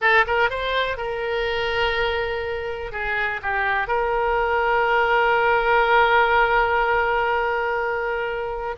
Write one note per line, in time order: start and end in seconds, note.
0.01 0.25 A4
0.27 0.49 A#4
0.49 0.97 C5
0.97 2.92 A#4
2.92 3.40 G#4
3.42 3.87 G4
3.87 8.75 A#4